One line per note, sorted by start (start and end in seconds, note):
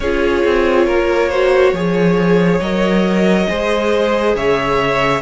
0.00 0.44 C#4
0.00 1.32 F4
0.00 0.86 G#4
0.00 2.60 C#5
0.44 0.86 C4
0.86 1.72 A#3
0.86 1.29 A#4
1.29 1.75 F#4
1.29 1.72 C5
1.72 2.59 F3
1.72 2.62 G#4
1.72 3.49 C#5
2.60 3.47 F#3
2.60 3.47 A#4
2.60 4.34 D#5
3.47 4.35 G#3
3.47 5.21 G#4
3.47 4.36 C5
4.35 5.21 C#3
4.35 5.21 C#5
4.35 5.21 E5